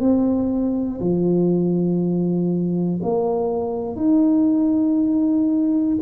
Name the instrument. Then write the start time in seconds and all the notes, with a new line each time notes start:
tuba
0.00 C4
1.00 F3
3.03 A#3
3.95 D#4